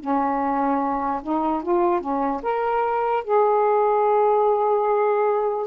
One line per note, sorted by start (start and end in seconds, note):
0.00 1.22 C#4
1.23 1.63 D#4
1.63 2.01 F4
2.01 2.41 C#4
2.43 3.24 A#4
3.24 5.67 G#4